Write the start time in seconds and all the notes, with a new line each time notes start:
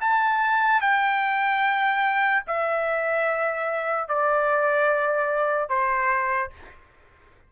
0.00 A5
0.81 G5
2.47 E5
4.08 D5
5.69 C5